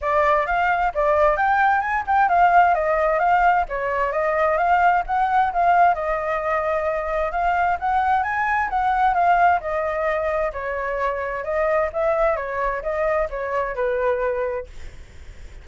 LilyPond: \new Staff \with { instrumentName = "flute" } { \time 4/4 \tempo 4 = 131 d''4 f''4 d''4 g''4 | gis''8 g''8 f''4 dis''4 f''4 | cis''4 dis''4 f''4 fis''4 | f''4 dis''2. |
f''4 fis''4 gis''4 fis''4 | f''4 dis''2 cis''4~ | cis''4 dis''4 e''4 cis''4 | dis''4 cis''4 b'2 | }